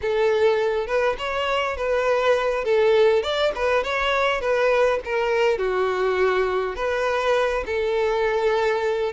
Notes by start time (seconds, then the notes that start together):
0.01 A4
0.86 B4
1.18 C#5
1.76 B4
2.64 A4
3.22 D5
3.55 B4
3.83 C#5
4.40 B4
5.04 A#4
5.57 F#4
6.75 B4
7.66 A4